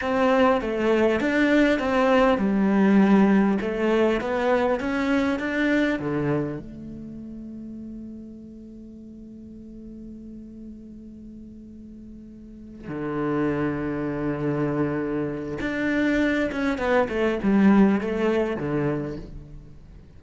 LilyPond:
\new Staff \with { instrumentName = "cello" } { \time 4/4 \tempo 4 = 100 c'4 a4 d'4 c'4 | g2 a4 b4 | cis'4 d'4 d4 a4~ | a1~ |
a1~ | a4. d2~ d8~ | d2 d'4. cis'8 | b8 a8 g4 a4 d4 | }